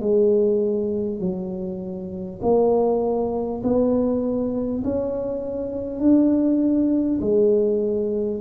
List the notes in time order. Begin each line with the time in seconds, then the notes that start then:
0.00 G#3
1.19 F#3
2.42 A#3
3.63 B3
4.84 C#4
5.99 D4
7.20 G#3